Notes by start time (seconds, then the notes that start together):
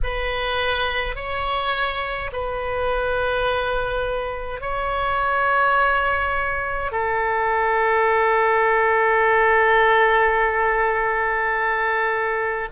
0.03 B4
1.15 C#5
2.32 B4
4.60 C#5
6.91 A4